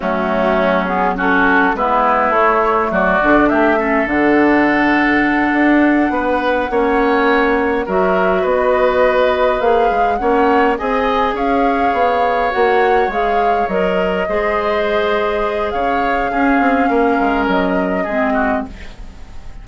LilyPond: <<
  \new Staff \with { instrumentName = "flute" } { \time 4/4 \tempo 4 = 103 fis'4. gis'8 a'4 b'4 | cis''4 d''4 e''4 fis''4~ | fis''1~ | fis''4. e''4 dis''4.~ |
dis''8 f''4 fis''4 gis''4 f''8~ | f''4. fis''4 f''4 dis''8~ | dis''2. f''4~ | f''2 dis''2 | }
  \new Staff \with { instrumentName = "oboe" } { \time 4/4 cis'2 fis'4 e'4~ | e'4 fis'4 g'8 a'4.~ | a'2~ a'8 b'4 cis''8~ | cis''4. ais'4 b'4.~ |
b'4. cis''4 dis''4 cis''8~ | cis''1~ | cis''8 c''2~ c''8 cis''4 | gis'4 ais'2 gis'8 fis'8 | }
  \new Staff \with { instrumentName = "clarinet" } { \time 4/4 a4. b8 cis'4 b4 | a4. d'4 cis'8 d'4~ | d'2.~ d'8 cis'8~ | cis'4. fis'2~ fis'8~ |
fis'8 gis'4 cis'4 gis'4.~ | gis'4. fis'4 gis'4 ais'8~ | ais'8 gis'2.~ gis'8 | cis'2. c'4 | }
  \new Staff \with { instrumentName = "bassoon" } { \time 4/4 fis2. gis4 | a4 fis8 d8 a4 d4~ | d4. d'4 b4 ais8~ | ais4. fis4 b4.~ |
b8 ais8 gis8 ais4 c'4 cis'8~ | cis'8 b4 ais4 gis4 fis8~ | fis8 gis2~ gis8 cis4 | cis'8 c'8 ais8 gis8 fis4 gis4 | }
>>